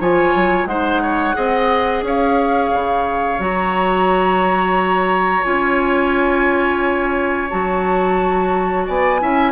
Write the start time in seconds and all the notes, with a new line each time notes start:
0.00 F3 F4 C#5 G#5
0.35 F#3
0.66 G#3 D#4 C5 F#5
1.02 C#5
1.34 C4 G#4 D#5
2.03 C#4 C#5 F5
2.74 C#3
3.39 F#3 F#4 A#5
5.44 C#4 F4 G#5
7.50 F#3 F#4 A5
8.87 B3 D5 G#5
9.20 C#4 E4 E5